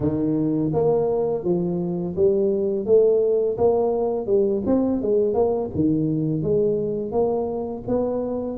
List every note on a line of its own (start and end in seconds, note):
0.00 0.71 D#3
0.73 1.44 A#3
1.44 2.15 F3
2.16 2.85 G3
2.85 3.57 A3
3.57 4.26 A#3
4.26 4.62 G3
4.66 5.01 C4
5.01 5.34 G#3
5.34 5.69 A#3
5.74 6.42 D#3
6.42 7.11 G#3
7.11 7.83 A#3
7.87 8.57 B3